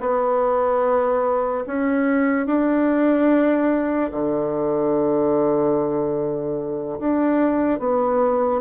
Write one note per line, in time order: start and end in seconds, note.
0.00 1.64 B3
1.67 2.47 C#4
2.47 4.11 D4
4.12 7.00 D3
7.00 7.79 D4
7.79 8.61 B3